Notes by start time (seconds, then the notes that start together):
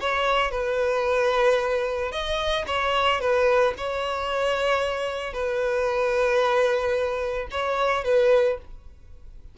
0.00 C#5
0.51 B4
2.11 D#5
2.67 C#5
3.20 B4
3.77 C#5
5.33 B4
7.51 C#5
8.04 B4